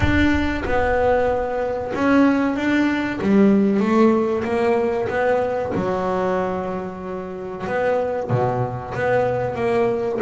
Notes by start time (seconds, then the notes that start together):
0.00 D4
0.64 B3
1.94 C#4
2.55 D4
3.21 G3
3.79 A3
4.44 A#3
5.08 B3
5.75 F#3
7.66 B3
8.29 B2
8.94 B3
9.55 A#3